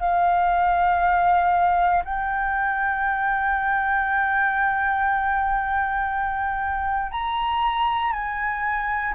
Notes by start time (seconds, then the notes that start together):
0.00 F5
2.04 G5
7.12 A#5
8.13 G#5